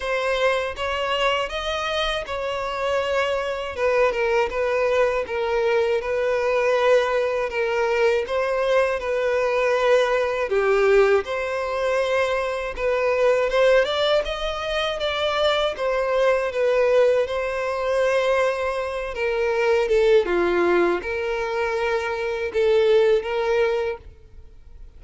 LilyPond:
\new Staff \with { instrumentName = "violin" } { \time 4/4 \tempo 4 = 80 c''4 cis''4 dis''4 cis''4~ | cis''4 b'8 ais'8 b'4 ais'4 | b'2 ais'4 c''4 | b'2 g'4 c''4~ |
c''4 b'4 c''8 d''8 dis''4 | d''4 c''4 b'4 c''4~ | c''4. ais'4 a'8 f'4 | ais'2 a'4 ais'4 | }